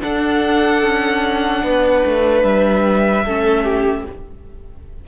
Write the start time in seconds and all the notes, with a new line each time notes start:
0.00 D4 A4 F#5
0.81 C#4
1.63 B3 B4
2.05 A3
2.43 G3 E5
3.24 A3 C#4 A4
3.63 G4